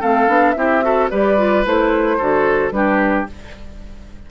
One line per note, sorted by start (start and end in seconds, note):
0.00 0.28 A3
0.00 0.28 C4
0.00 0.55 A4
0.00 0.52 F5
0.28 0.55 B3
0.28 0.55 D4
0.52 1.11 C4
0.52 0.82 E4
0.52 0.84 G4
0.52 1.07 E5
0.82 1.10 F#4
0.82 1.10 A4
1.10 1.66 G3
1.10 1.38 G4
1.10 2.18 B4
1.10 1.65 D5
1.38 1.65 F4
1.65 2.20 A3
1.65 2.19 E4
1.65 2.72 C5
2.18 2.71 D3
2.18 2.72 F#4
2.18 2.72 A4
2.71 3.26 G3
2.71 3.27 D4
2.71 3.31 G4
2.71 3.26 B4